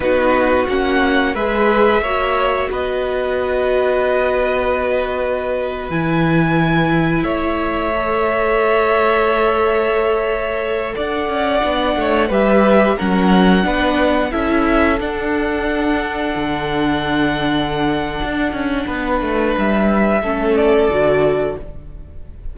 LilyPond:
<<
  \new Staff \with { instrumentName = "violin" } { \time 4/4 \tempo 4 = 89 b'4 fis''4 e''2 | dis''1~ | dis''8. gis''2 e''4~ e''16~ | e''1~ |
e''16 fis''2 e''4 fis''8.~ | fis''4~ fis''16 e''4 fis''4.~ fis''16~ | fis''1~ | fis''4 e''4. d''4. | }
  \new Staff \with { instrumentName = "violin" } { \time 4/4 fis'2 b'4 cis''4 | b'1~ | b'2~ b'8. cis''4~ cis''16~ | cis''1~ |
cis''16 d''4. cis''8 b'4 ais'8.~ | ais'16 b'4 a'2~ a'8.~ | a'1 | b'2 a'2 | }
  \new Staff \with { instrumentName = "viola" } { \time 4/4 dis'4 cis'4 gis'4 fis'4~ | fis'1~ | fis'8. e'2. a'16~ | a'1~ |
a'4~ a'16 d'4 g'4 cis'8.~ | cis'16 d'4 e'4 d'4.~ d'16~ | d'1~ | d'2 cis'4 fis'4 | }
  \new Staff \with { instrumentName = "cello" } { \time 4/4 b4 ais4 gis4 ais4 | b1~ | b8. e2 a4~ a16~ | a1~ |
a16 d'8 cis'8 b8 a8 g4 fis8.~ | fis16 b4 cis'4 d'4.~ d'16~ | d'16 d2~ d8. d'8 cis'8 | b8 a8 g4 a4 d4 | }
>>